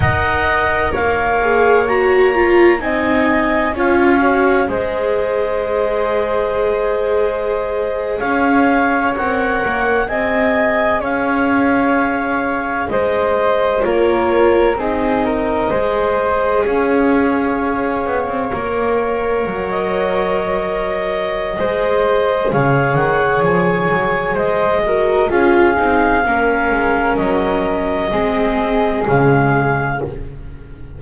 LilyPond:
<<
  \new Staff \with { instrumentName = "clarinet" } { \time 4/4 \tempo 4 = 64 fis''4 f''4 ais''4 gis''4 | f''4 dis''2.~ | dis''8. f''4 fis''4 gis''4 f''16~ | f''4.~ f''16 dis''4 cis''4 dis''16~ |
dis''4.~ dis''16 f''2~ f''16~ | f''4 dis''2. | f''8 fis''8 gis''4 dis''4 f''4~ | f''4 dis''2 f''4 | }
  \new Staff \with { instrumentName = "flute" } { \time 4/4 dis''4 cis''2 dis''4 | cis''4 c''2.~ | c''8. cis''2 dis''4 cis''16~ | cis''4.~ cis''16 c''4 ais'4 gis'16~ |
gis'16 ais'8 c''4 cis''2~ cis''16~ | cis''2. c''4 | cis''2 c''8 ais'8 gis'4 | ais'2 gis'2 | }
  \new Staff \with { instrumentName = "viola" } { \time 4/4 ais'4. gis'8 fis'8 f'8 dis'4 | f'8 fis'8 gis'2.~ | gis'4.~ gis'16 ais'4 gis'4~ gis'16~ | gis'2~ gis'8. f'4 dis'16~ |
dis'8. gis'2. ais'16~ | ais'2. gis'4~ | gis'2~ gis'8 fis'8 f'8 dis'8 | cis'2 c'4 gis4 | }
  \new Staff \with { instrumentName = "double bass" } { \time 4/4 dis'4 ais2 c'4 | cis'4 gis2.~ | gis8. cis'4 c'8 ais8 c'4 cis'16~ | cis'4.~ cis'16 gis4 ais4 c'16~ |
c'8. gis4 cis'4. b16 c'16 ais16~ | ais8. fis2~ fis16 gis4 | cis8 dis8 f8 fis8 gis4 cis'8 c'8 | ais8 gis8 fis4 gis4 cis4 | }
>>